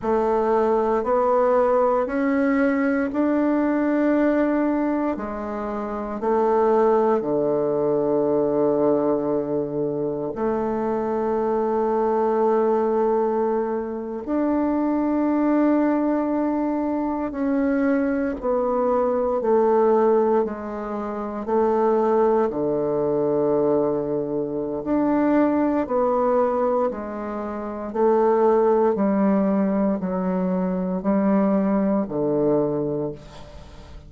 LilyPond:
\new Staff \with { instrumentName = "bassoon" } { \time 4/4 \tempo 4 = 58 a4 b4 cis'4 d'4~ | d'4 gis4 a4 d4~ | d2 a2~ | a4.~ a16 d'2~ d'16~ |
d'8. cis'4 b4 a4 gis16~ | gis8. a4 d2~ d16 | d'4 b4 gis4 a4 | g4 fis4 g4 d4 | }